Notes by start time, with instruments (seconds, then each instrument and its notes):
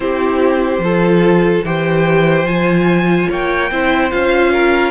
0.00 cello C4, viola E4, violin G4 C5
0.78 cello F3, viola F4, violin A4
1.64 cello E3, viola G4, violin C5 G5
2.44 cello F3, viola F4, violin G#5
3.29 cello A#3, violin C#5 G5
3.70 cello C4, viola E4, violin C5
4.10 cello C#4, viola F4, violin F5
4.52 violin A#4